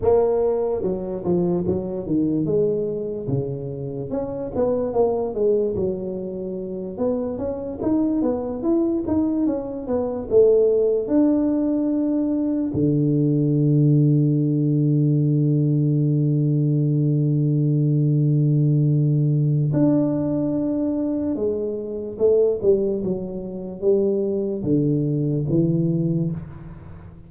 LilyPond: \new Staff \with { instrumentName = "tuba" } { \time 4/4 \tempo 4 = 73 ais4 fis8 f8 fis8 dis8 gis4 | cis4 cis'8 b8 ais8 gis8 fis4~ | fis8 b8 cis'8 dis'8 b8 e'8 dis'8 cis'8 | b8 a4 d'2 d8~ |
d1~ | d1 | d'2 gis4 a8 g8 | fis4 g4 d4 e4 | }